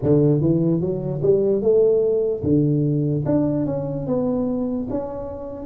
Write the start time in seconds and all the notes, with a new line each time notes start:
0.02 D3
0.41 E3
0.80 F#3
1.22 G3
1.61 A3
2.43 D3
3.25 D4
3.66 C#4
4.06 B3
4.89 C#4